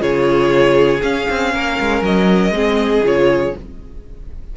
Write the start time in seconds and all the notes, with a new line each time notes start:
0.00 C#3 F4 G#4 C#5
1.02 C#4 F5
1.30 C4
1.54 A#3 A#4
1.80 G#3
2.02 F#3 D#5
2.51 G#3 C4 G#4
3.04 C#3 F4 C#5